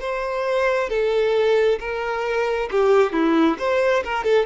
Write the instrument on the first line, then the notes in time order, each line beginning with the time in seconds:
violin
0.00 C5
0.89 A4
1.80 A#4
2.71 G4
3.12 E4
3.58 C5
4.04 A#4
4.23 A4